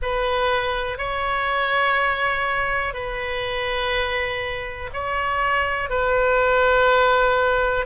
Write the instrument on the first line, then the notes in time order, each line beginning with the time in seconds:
oboe
0.02 B4
0.98 C#5
2.93 B4
4.93 C#5
5.89 B4